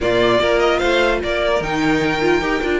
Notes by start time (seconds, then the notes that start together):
0.00 A#2 A#3 F4 D5
0.37 A#3 F4 A#4
0.59 D#5
0.78 A3 C5 F5
1.23 A#3 A#4 D5
1.60 D#3 D#4 G5
2.21 F4
2.40 D#4 G4
2.62 D4 F4